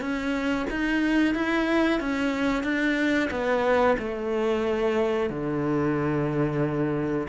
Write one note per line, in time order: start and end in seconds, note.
0.00 0.66 C#4
0.70 1.34 D#4
1.34 2.00 E4
2.00 2.63 C#4
2.63 3.29 D4
3.30 3.96 B3
3.98 5.29 A3
5.29 7.27 D3